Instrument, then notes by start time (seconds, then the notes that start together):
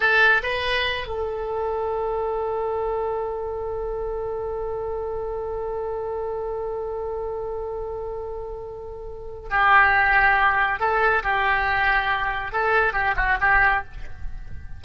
oboe
0.00 A4
0.42 B4
1.07 A4
9.50 G4
10.79 A4
11.23 G4
12.52 A4
12.93 G4
13.16 F#4
13.40 G4